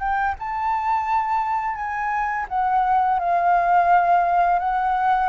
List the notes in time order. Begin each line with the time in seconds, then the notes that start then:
0.00 G5
0.40 A5
1.76 G#5
2.49 F#5
3.20 F5
4.60 F#5